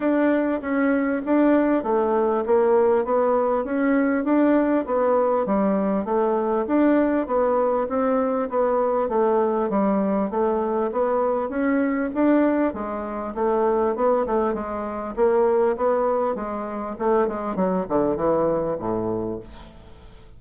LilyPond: \new Staff \with { instrumentName = "bassoon" } { \time 4/4 \tempo 4 = 99 d'4 cis'4 d'4 a4 | ais4 b4 cis'4 d'4 | b4 g4 a4 d'4 | b4 c'4 b4 a4 |
g4 a4 b4 cis'4 | d'4 gis4 a4 b8 a8 | gis4 ais4 b4 gis4 | a8 gis8 fis8 d8 e4 a,4 | }